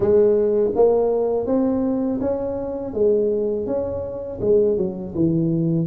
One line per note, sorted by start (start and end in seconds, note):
0.00 0.71 G#3
0.75 1.46 A#3
1.46 2.19 C4
2.21 2.93 C#4
2.93 3.66 G#3
3.66 4.39 C#4
4.40 4.77 G#3
4.77 5.14 F#3
5.14 5.87 E3